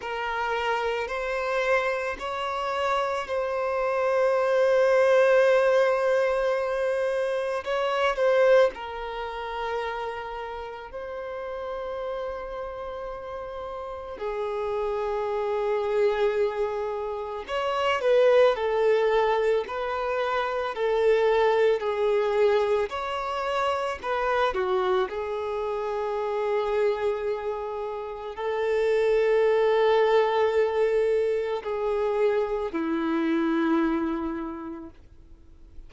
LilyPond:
\new Staff \with { instrumentName = "violin" } { \time 4/4 \tempo 4 = 55 ais'4 c''4 cis''4 c''4~ | c''2. cis''8 c''8 | ais'2 c''2~ | c''4 gis'2. |
cis''8 b'8 a'4 b'4 a'4 | gis'4 cis''4 b'8 fis'8 gis'4~ | gis'2 a'2~ | a'4 gis'4 e'2 | }